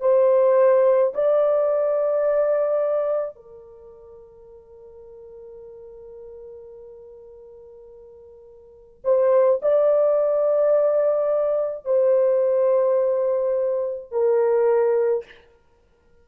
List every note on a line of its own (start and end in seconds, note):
0.00 1.13 C5
1.14 3.36 D5
3.36 9.02 A#4
9.04 9.60 C5
9.62 11.85 D5
11.85 14.11 C5
14.11 15.24 A#4